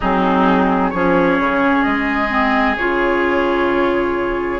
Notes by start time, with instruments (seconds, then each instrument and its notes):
0.00 bassoon F#3, clarinet C4, oboe D#4, flute G#4
0.90 bassoon F3, clarinet C#4, oboe G#4, flute C#5
1.39 bassoon C#3
1.82 bassoon G#3, flute D#5
2.29 clarinet C4
2.76 bassoon C#3, clarinet F4, flute C#5